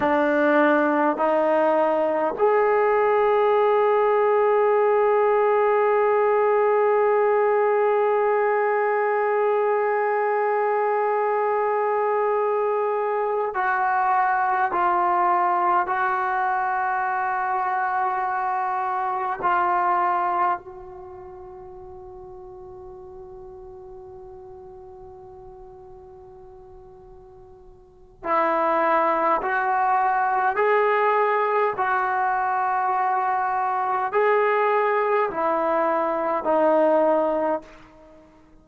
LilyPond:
\new Staff \with { instrumentName = "trombone" } { \time 4/4 \tempo 4 = 51 d'4 dis'4 gis'2~ | gis'1~ | gis'2.~ gis'8 fis'8~ | fis'8 f'4 fis'2~ fis'8~ |
fis'8 f'4 fis'2~ fis'8~ | fis'1 | e'4 fis'4 gis'4 fis'4~ | fis'4 gis'4 e'4 dis'4 | }